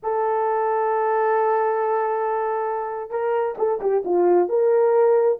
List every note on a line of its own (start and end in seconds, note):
0.02 3.10 A4
3.10 3.55 A#4
3.58 3.80 A4
3.80 4.03 G4
4.05 4.49 F4
4.49 5.38 A#4